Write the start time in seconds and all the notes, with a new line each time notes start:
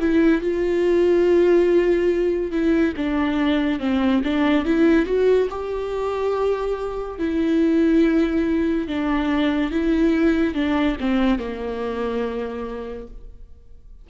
0.00 E4
0.42 F4
2.52 E4
2.97 D4
3.80 C4
4.24 D4
4.65 E4
5.06 F#4
5.50 G4
7.19 E4
8.88 D4
9.71 E4
10.54 D4
11.01 C4
11.39 A#3